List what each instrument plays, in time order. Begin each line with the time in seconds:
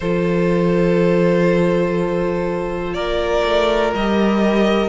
0.00 cello F3, viola F4, violin A4 C5
2.93 cello A#3, violin A#4 D5
3.44 cello A3
3.94 cello G3, viola G4, violin D#5